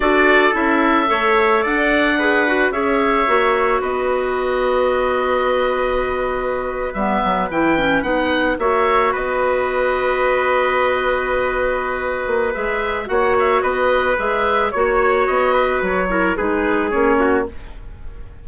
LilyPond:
<<
  \new Staff \with { instrumentName = "oboe" } { \time 4/4 \tempo 4 = 110 d''4 e''2 fis''4~ | fis''4 e''2 dis''4~ | dis''1~ | dis''8. e''4 g''4 fis''4 e''16~ |
e''8. dis''2.~ dis''16~ | dis''2. e''4 | fis''8 e''8 dis''4 e''4 cis''4 | dis''4 cis''4 b'4 cis''4 | }
  \new Staff \with { instrumentName = "trumpet" } { \time 4/4 a'2 cis''4 d''4 | b'4 cis''2 b'4~ | b'1~ | b'2.~ b'8. cis''16~ |
cis''8. b'2.~ b'16~ | b'1 | cis''4 b'2 cis''4~ | cis''8 b'4 ais'8 gis'4. fis'8 | }
  \new Staff \with { instrumentName = "clarinet" } { \time 4/4 fis'4 e'4 a'2 | gis'8 fis'8 gis'4 fis'2~ | fis'1~ | fis'8. b4 e'8 cis'8 dis'4 fis'16~ |
fis'1~ | fis'2. gis'4 | fis'2 gis'4 fis'4~ | fis'4. e'8 dis'4 cis'4 | }
  \new Staff \with { instrumentName = "bassoon" } { \time 4/4 d'4 cis'4 a4 d'4~ | d'4 cis'4 ais4 b4~ | b1~ | b8. g8 fis8 e4 b4 ais16~ |
ais8. b2.~ b16~ | b2~ b8 ais8 gis4 | ais4 b4 gis4 ais4 | b4 fis4 gis4 ais4 | }
>>